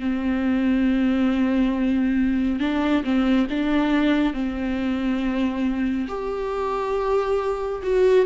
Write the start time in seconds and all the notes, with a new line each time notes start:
0.00 C4
2.60 D4
3.04 C4
3.50 D4
4.33 C4
6.08 G4
7.83 F#4